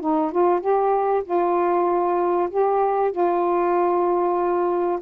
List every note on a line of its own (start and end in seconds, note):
0.00 0.31 D#4
0.31 0.60 F4
0.60 1.22 G4
1.24 2.49 F4
2.49 3.11 G4
3.11 4.99 F4